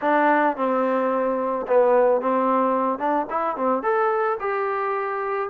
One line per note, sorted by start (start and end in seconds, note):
0.01 0.56 D4
0.56 1.66 C4
1.67 2.21 B3
2.21 2.98 C4
2.98 3.26 D4
3.30 3.56 E4
3.56 3.83 C4
3.83 4.38 A4
4.39 5.49 G4